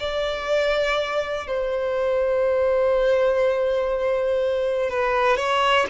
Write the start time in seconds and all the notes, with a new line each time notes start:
0.00 D5
1.47 C5
4.90 B4
5.37 C#5